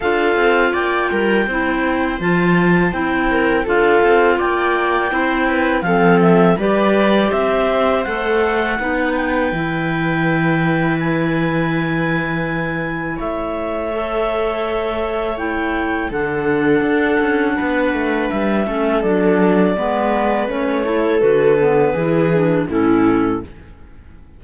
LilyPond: <<
  \new Staff \with { instrumentName = "clarinet" } { \time 4/4 \tempo 4 = 82 f''4 g''2 a''4 | g''4 f''4 g''2 | f''8 e''8 d''4 e''4 fis''4~ | fis''8 g''2~ g''8 gis''4~ |
gis''2 e''2~ | e''4 g''4 fis''2~ | fis''4 e''4 d''2 | cis''4 b'2 a'4 | }
  \new Staff \with { instrumentName = "viola" } { \time 4/4 a'4 d''8 ais'8 c''2~ | c''8 ais'8 a'4 d''4 c''8 b'8 | a'4 b'4 c''2 | b'1~ |
b'2 cis''2~ | cis''2 a'2 | b'4. a'4. b'4~ | b'8 a'4. gis'4 e'4 | }
  \new Staff \with { instrumentName = "clarinet" } { \time 4/4 f'2 e'4 f'4 | e'4 f'2 e'4 | c'4 g'2 a'4 | dis'4 e'2.~ |
e'2. a'4~ | a'4 e'4 d'2~ | d'4. cis'8 d'4 b4 | cis'8 e'8 fis'8 b8 e'8 d'8 cis'4 | }
  \new Staff \with { instrumentName = "cello" } { \time 4/4 d'8 c'8 ais8 g8 c'4 f4 | c'4 d'8 c'8 ais4 c'4 | f4 g4 c'4 a4 | b4 e2.~ |
e2 a2~ | a2 d4 d'8 cis'8 | b8 a8 g8 a8 fis4 gis4 | a4 d4 e4 a,4 | }
>>